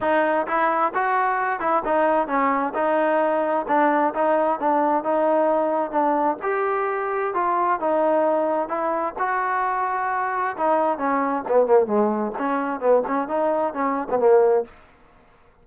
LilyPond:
\new Staff \with { instrumentName = "trombone" } { \time 4/4 \tempo 4 = 131 dis'4 e'4 fis'4. e'8 | dis'4 cis'4 dis'2 | d'4 dis'4 d'4 dis'4~ | dis'4 d'4 g'2 |
f'4 dis'2 e'4 | fis'2. dis'4 | cis'4 b8 ais8 gis4 cis'4 | b8 cis'8 dis'4 cis'8. b16 ais4 | }